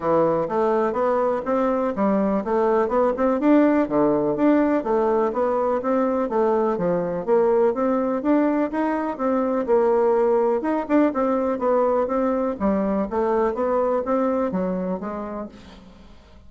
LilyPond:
\new Staff \with { instrumentName = "bassoon" } { \time 4/4 \tempo 4 = 124 e4 a4 b4 c'4 | g4 a4 b8 c'8 d'4 | d4 d'4 a4 b4 | c'4 a4 f4 ais4 |
c'4 d'4 dis'4 c'4 | ais2 dis'8 d'8 c'4 | b4 c'4 g4 a4 | b4 c'4 fis4 gis4 | }